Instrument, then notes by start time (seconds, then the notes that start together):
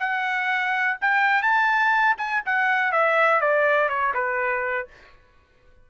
trumpet
0.00 F#5
1.02 G5
1.43 A5
2.18 G#5
2.46 F#5
2.92 E5
3.41 D5
3.89 C#5
4.14 B4